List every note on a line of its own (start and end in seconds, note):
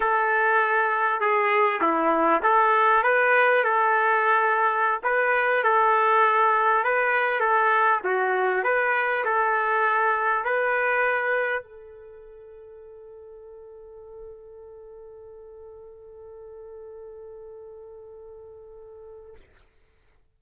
0.00 1.20 A4
1.20 1.80 G#4
1.81 2.41 E4
2.42 3.03 A4
3.03 3.64 B4
3.64 5.00 A4
5.03 5.63 B4
5.63 6.84 A4
6.84 7.39 B4
7.39 8.00 A4
8.04 8.63 F#4
8.63 9.24 B4
9.24 10.44 A4
10.44 11.62 B4
11.62 19.35 A4